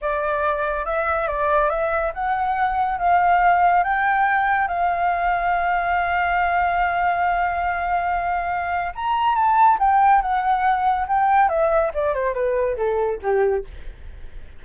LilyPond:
\new Staff \with { instrumentName = "flute" } { \time 4/4 \tempo 4 = 141 d''2 e''4 d''4 | e''4 fis''2 f''4~ | f''4 g''2 f''4~ | f''1~ |
f''1~ | f''4 ais''4 a''4 g''4 | fis''2 g''4 e''4 | d''8 c''8 b'4 a'4 g'4 | }